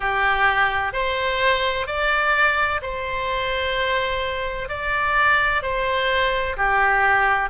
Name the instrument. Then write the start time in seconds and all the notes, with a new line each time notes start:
oboe
0.00 G4
0.92 C5
1.87 D5
2.81 C5
4.69 D5
5.62 C5
6.56 G4